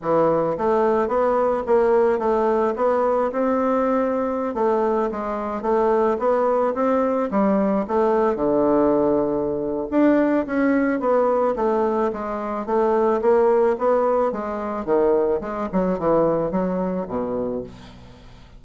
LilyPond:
\new Staff \with { instrumentName = "bassoon" } { \time 4/4 \tempo 4 = 109 e4 a4 b4 ais4 | a4 b4 c'2~ | c'16 a4 gis4 a4 b8.~ | b16 c'4 g4 a4 d8.~ |
d2 d'4 cis'4 | b4 a4 gis4 a4 | ais4 b4 gis4 dis4 | gis8 fis8 e4 fis4 b,4 | }